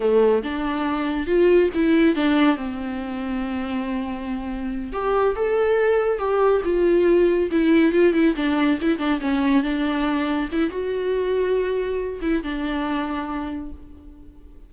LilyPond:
\new Staff \with { instrumentName = "viola" } { \time 4/4 \tempo 4 = 140 a4 d'2 f'4 | e'4 d'4 c'2~ | c'2.~ c'8 g'8~ | g'8 a'2 g'4 f'8~ |
f'4. e'4 f'8 e'8 d'8~ | d'8 e'8 d'8 cis'4 d'4.~ | d'8 e'8 fis'2.~ | fis'8 e'8 d'2. | }